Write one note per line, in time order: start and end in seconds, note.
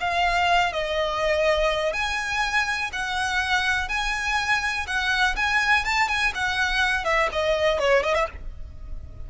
0.00 0.72 F5
0.72 1.93 D#5
1.93 2.90 G#5
2.92 3.88 F#5
3.88 4.86 G#5
4.87 5.35 F#5
5.36 5.84 G#5
5.84 6.08 A5
6.08 6.32 G#5
6.34 7.05 F#5
7.05 7.29 E5
7.32 7.79 D#5
7.79 8.03 C#5
8.03 8.14 D#5
8.14 8.27 E5